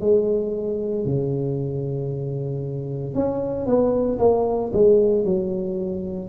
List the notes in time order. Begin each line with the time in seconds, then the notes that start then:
0.00 G#3
1.05 C#3
3.14 C#4
3.66 B3
4.19 A#3
4.73 G#3
5.24 F#3